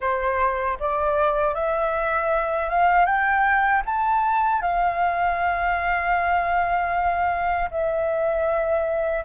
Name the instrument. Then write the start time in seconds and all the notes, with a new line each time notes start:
flute
0.00 C5
0.79 D5
1.54 E5
2.69 F5
3.05 G5
3.85 A5
4.61 F5
7.71 E5